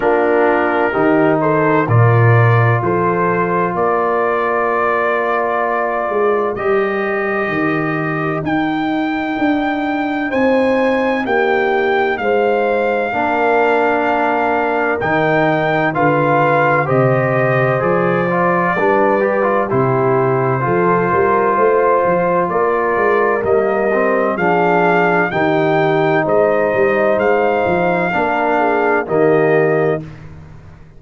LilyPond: <<
  \new Staff \with { instrumentName = "trumpet" } { \time 4/4 \tempo 4 = 64 ais'4. c''8 d''4 c''4 | d''2. dis''4~ | dis''4 g''2 gis''4 | g''4 f''2. |
g''4 f''4 dis''4 d''4~ | d''4 c''2. | d''4 dis''4 f''4 g''4 | dis''4 f''2 dis''4 | }
  \new Staff \with { instrumentName = "horn" } { \time 4/4 f'4 g'8 a'8 ais'4 a'4 | ais'1~ | ais'2. c''4 | g'4 c''4 ais'2~ |
ais'4 b'4 c''2 | b'4 g'4 a'8 ais'8 c''4 | ais'2 gis'4 g'4 | c''2 ais'8 gis'8 g'4 | }
  \new Staff \with { instrumentName = "trombone" } { \time 4/4 d'4 dis'4 f'2~ | f'2. g'4~ | g'4 dis'2.~ | dis'2 d'2 |
dis'4 f'4 g'4 gis'8 f'8 | d'8 g'16 f'16 e'4 f'2~ | f'4 ais8 c'8 d'4 dis'4~ | dis'2 d'4 ais4 | }
  \new Staff \with { instrumentName = "tuba" } { \time 4/4 ais4 dis4 ais,4 f4 | ais2~ ais8 gis8 g4 | dis4 dis'4 d'4 c'4 | ais4 gis4 ais2 |
dis4 d4 c4 f4 | g4 c4 f8 g8 a8 f8 | ais8 gis8 g4 f4 dis4 | gis8 g8 gis8 f8 ais4 dis4 | }
>>